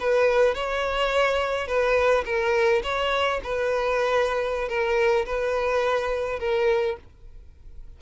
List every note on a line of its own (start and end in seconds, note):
0.00 0.55 B4
0.55 1.68 C#5
1.68 2.25 B4
2.25 2.83 A#4
2.83 3.41 C#5
3.44 4.69 B4
4.69 5.26 A#4
5.26 6.39 B4
6.39 6.97 A#4